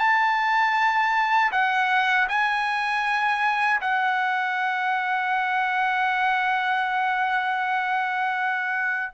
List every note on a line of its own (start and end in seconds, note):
0.00 1.52 A5
1.52 2.28 F#5
2.29 3.81 G#5
3.81 9.13 F#5